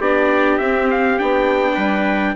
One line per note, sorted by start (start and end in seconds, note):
0.00 0.59 B3
0.00 0.61 D4
0.00 1.75 G4
0.00 0.58 D5
0.58 1.19 C4
0.58 0.88 E5
0.91 1.19 F5
1.19 1.77 B3
1.19 2.36 D4
1.19 2.36 G5
1.75 2.36 G3
1.75 2.34 B4